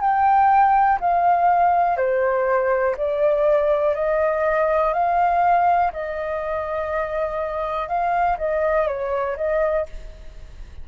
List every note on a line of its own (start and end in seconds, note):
0.00 0.98 G5
1.00 1.97 F5
1.97 2.95 C5
2.96 3.94 D5
3.94 4.93 D#5
4.93 5.91 F5
5.92 7.88 D#5
7.88 8.37 F5
8.37 8.87 D#5
8.87 9.36 C#5
9.36 9.85 D#5